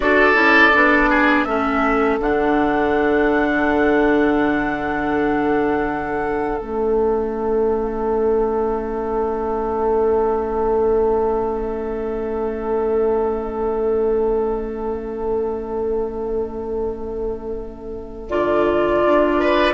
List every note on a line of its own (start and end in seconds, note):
0.00 0.34 D4
0.00 0.34 F#4
0.00 1.09 A4
0.00 1.44 D5
0.34 0.71 C#4
0.34 0.71 E4
0.73 1.45 B3
0.73 1.46 D4
1.09 1.46 G#4
1.44 2.18 A3
1.44 2.20 C#4
1.44 19.39 A4
1.44 2.17 E5
2.20 6.59 D3
2.20 6.57 D4
2.20 6.58 F#5
6.57 18.29 A3
6.57 18.28 C#4
6.57 18.29 E5
18.29 19.03 D3
18.29 19.74 F4
18.29 19.74 D5
19.05 19.74 D4
19.39 19.74 B4